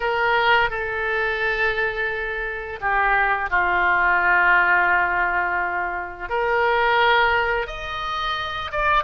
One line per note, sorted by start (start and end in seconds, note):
0.00 0.70 A#4
0.70 2.79 A4
2.80 3.49 G4
3.49 6.29 F4
6.29 7.66 A#4
7.66 8.71 D#5
8.71 9.03 D5